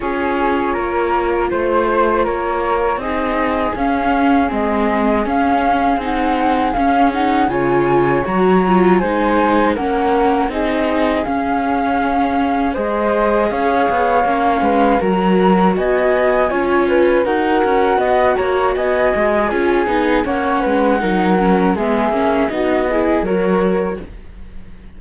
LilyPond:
<<
  \new Staff \with { instrumentName = "flute" } { \time 4/4 \tempo 4 = 80 cis''2 c''4 cis''4 | dis''4 f''4 dis''4 f''4 | fis''4 f''8 fis''8 gis''4 ais''4 | gis''4 fis''4 dis''4 f''4~ |
f''4 dis''4 f''2 | ais''4 gis''2 fis''4~ | fis''8 ais''8 gis''2 fis''4~ | fis''4 e''4 dis''4 cis''4 | }
  \new Staff \with { instrumentName = "flute" } { \time 4/4 gis'4 ais'4 c''4 ais'4 | gis'1~ | gis'2 cis''2 | c''4 ais'4 gis'2~ |
gis'4 c''4 cis''4. b'8 | ais'4 dis''4 cis''8 b'8 ais'4 | dis''8 cis''8 dis''4 gis'4 cis''8 b'8 | ais'4 gis'4 fis'8 gis'8 ais'4 | }
  \new Staff \with { instrumentName = "viola" } { \time 4/4 f'1 | dis'4 cis'4 c'4 cis'4 | dis'4 cis'8 dis'8 f'4 fis'8 f'8 | dis'4 cis'4 dis'4 cis'4~ |
cis'4 gis'2 cis'4 | fis'2 f'4 fis'4~ | fis'2 f'8 dis'8 cis'4 | dis'8 cis'8 b8 cis'8 dis'8 e'8 fis'4 | }
  \new Staff \with { instrumentName = "cello" } { \time 4/4 cis'4 ais4 a4 ais4 | c'4 cis'4 gis4 cis'4 | c'4 cis'4 cis4 fis4 | gis4 ais4 c'4 cis'4~ |
cis'4 gis4 cis'8 b8 ais8 gis8 | fis4 b4 cis'4 dis'8 cis'8 | b8 ais8 b8 gis8 cis'8 b8 ais8 gis8 | fis4 gis8 ais8 b4 fis4 | }
>>